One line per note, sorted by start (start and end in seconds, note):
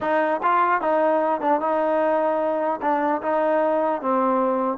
0.01 0.41 D#4
0.43 0.81 F4
0.81 1.40 D#4
1.40 1.60 D4
1.60 2.80 D#4
2.81 3.21 D4
3.22 4.01 D#4
4.01 4.78 C4